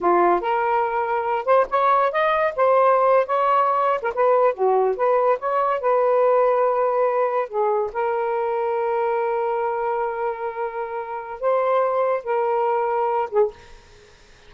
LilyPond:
\new Staff \with { instrumentName = "saxophone" } { \time 4/4 \tempo 4 = 142 f'4 ais'2~ ais'8 c''8 | cis''4 dis''4 c''4.~ c''16 cis''16~ | cis''4. ais'16 b'4 fis'4 b'16~ | b'8. cis''4 b'2~ b'16~ |
b'4.~ b'16 gis'4 ais'4~ ais'16~ | ais'1~ | ais'2. c''4~ | c''4 ais'2~ ais'8 gis'8 | }